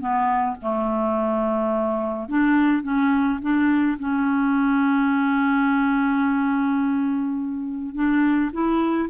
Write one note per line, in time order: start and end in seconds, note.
0.00 0.57 B3
0.62 2.29 A3
2.29 2.83 D4
2.83 3.40 C#4
3.42 3.98 D4
3.99 7.95 C#4
7.95 8.51 D4
8.53 9.10 E4